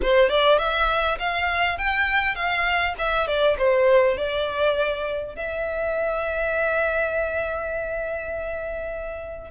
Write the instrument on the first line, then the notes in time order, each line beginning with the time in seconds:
violin
0.02 C5
0.29 D5
0.58 E5
1.19 F5
1.78 G5
2.35 F5
2.98 E5
3.27 D5
3.58 C5
4.17 D5
5.35 E5